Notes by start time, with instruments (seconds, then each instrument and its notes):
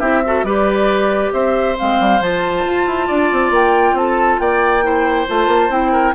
0.00 bassoon C4, clarinet E4, oboe G4, flute E5
0.26 clarinet F#4, oboe A4
0.44 bassoon G3, clarinet G4, oboe B4, flute D5
1.33 bassoon C4, oboe C5, flute E5
1.77 bassoon G#3, clarinet C4, flute F5
2.00 bassoon G3
2.21 bassoon F3, clarinet F4, flute A5
2.66 bassoon F4
2.87 bassoon E4
3.07 bassoon D4, oboe D5
3.32 bassoon C4
3.51 bassoon A#3, flute G5
3.93 bassoon C4, flute A5
4.00 oboe A4
4.39 bassoon A#3, oboe D5, flute G5
4.83 clarinet E4, oboe C5
5.28 bassoon A3, clarinet F4, flute A5
5.48 bassoon A#3
5.70 bassoon C4, clarinet E4, flute G5
5.92 oboe A#4